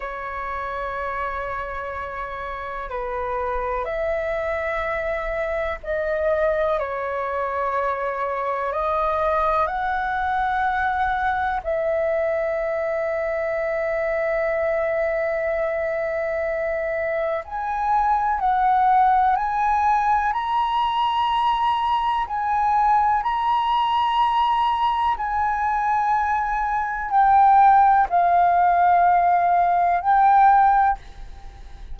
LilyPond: \new Staff \with { instrumentName = "flute" } { \time 4/4 \tempo 4 = 62 cis''2. b'4 | e''2 dis''4 cis''4~ | cis''4 dis''4 fis''2 | e''1~ |
e''2 gis''4 fis''4 | gis''4 ais''2 gis''4 | ais''2 gis''2 | g''4 f''2 g''4 | }